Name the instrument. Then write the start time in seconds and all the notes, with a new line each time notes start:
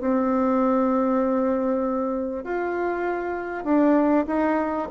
bassoon
0.00 C4
2.44 F4
3.64 D4
4.26 D#4